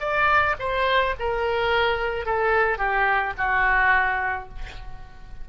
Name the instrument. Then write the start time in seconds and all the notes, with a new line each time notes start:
oboe
0.00 D5
0.59 C5
1.19 A#4
2.26 A4
2.78 G4
3.38 F#4